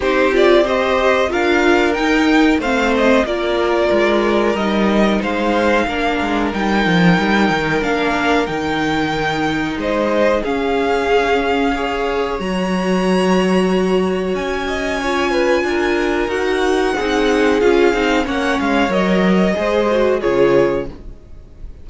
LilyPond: <<
  \new Staff \with { instrumentName = "violin" } { \time 4/4 \tempo 4 = 92 c''8 d''8 dis''4 f''4 g''4 | f''8 dis''8 d''2 dis''4 | f''2 g''2 | f''4 g''2 dis''4 |
f''2. ais''4~ | ais''2 gis''2~ | gis''4 fis''2 f''4 | fis''8 f''8 dis''2 cis''4 | }
  \new Staff \with { instrumentName = "violin" } { \time 4/4 g'4 c''4 ais'2 | c''4 ais'2. | c''4 ais'2.~ | ais'2. c''4 |
gis'2 cis''2~ | cis''2~ cis''8 dis''8 cis''8 b'8 | ais'2 gis'2 | cis''2 c''4 gis'4 | }
  \new Staff \with { instrumentName = "viola" } { \time 4/4 dis'8 f'8 g'4 f'4 dis'4 | c'4 f'2 dis'4~ | dis'4 d'4 dis'2 | d'4 dis'2. |
cis'2 gis'4 fis'4~ | fis'2. f'4~ | f'4 fis'4 dis'4 f'8 dis'8 | cis'4 ais'4 gis'8 fis'8 f'4 | }
  \new Staff \with { instrumentName = "cello" } { \time 4/4 c'2 d'4 dis'4 | a4 ais4 gis4 g4 | gis4 ais8 gis8 g8 f8 g8 dis8 | ais4 dis2 gis4 |
cis'2. fis4~ | fis2 cis'2 | d'4 dis'4 c'4 cis'8 c'8 | ais8 gis8 fis4 gis4 cis4 | }
>>